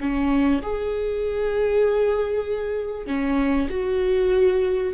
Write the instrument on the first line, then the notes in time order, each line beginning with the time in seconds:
viola
0.00 C#4
0.62 G#4
3.07 C#4
3.70 F#4